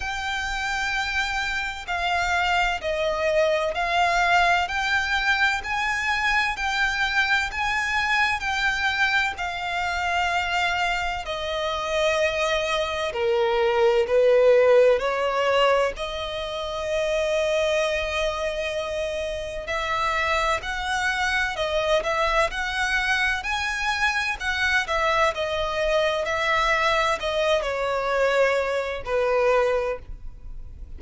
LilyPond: \new Staff \with { instrumentName = "violin" } { \time 4/4 \tempo 4 = 64 g''2 f''4 dis''4 | f''4 g''4 gis''4 g''4 | gis''4 g''4 f''2 | dis''2 ais'4 b'4 |
cis''4 dis''2.~ | dis''4 e''4 fis''4 dis''8 e''8 | fis''4 gis''4 fis''8 e''8 dis''4 | e''4 dis''8 cis''4. b'4 | }